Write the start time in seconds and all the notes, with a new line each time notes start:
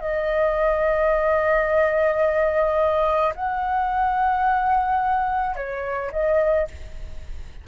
0.00 D#5
3.35 F#5
5.56 C#5
6.12 D#5